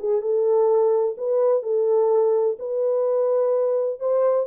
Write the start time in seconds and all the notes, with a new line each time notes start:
0.00 G#4
0.22 A4
1.18 B4
1.63 A4
2.59 B4
4.00 C5